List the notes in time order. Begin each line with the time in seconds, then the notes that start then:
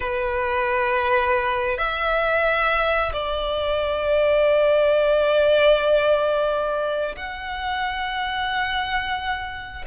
0.00 B4
1.77 E5
3.12 D5
7.16 F#5